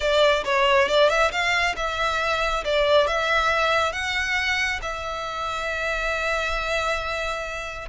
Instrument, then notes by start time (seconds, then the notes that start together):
violin
0.00 D5
0.44 C#5
0.88 D5
1.09 E5
1.31 F5
1.76 E5
2.64 D5
3.07 E5
3.92 F#5
4.82 E5